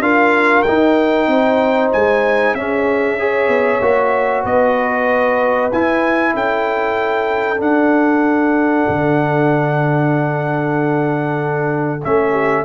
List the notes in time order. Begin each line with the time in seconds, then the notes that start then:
0.00 D4 F4 A#4 F5
0.62 D#4 G5
1.27 C4 C5
1.92 G#3 G#5
2.54 C#4 G#4 E5
3.19 G#4 C#5
3.48 B3
3.81 A#3 F#4
4.43 B3 B4 D#5
5.72 E4 G#5
6.33 C#4 A4 G5
7.56 D4 F#5
8.88 D3
12.04 A3 C#4 E5
12.31 G4